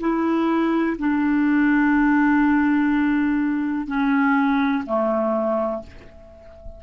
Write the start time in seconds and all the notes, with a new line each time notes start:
0.00 E4
0.98 D4
3.87 C#4
4.86 A3